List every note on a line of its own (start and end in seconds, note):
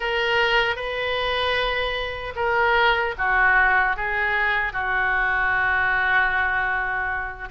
0.00 0.75 A#4
0.75 2.33 B4
2.35 3.14 A#4
3.18 3.96 F#4
3.96 4.72 G#4
4.72 7.49 F#4